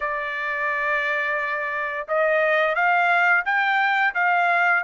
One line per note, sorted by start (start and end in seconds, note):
0.00 2.07 D5
2.08 2.75 D#5
2.75 3.44 F5
3.45 4.14 G5
4.14 4.83 F5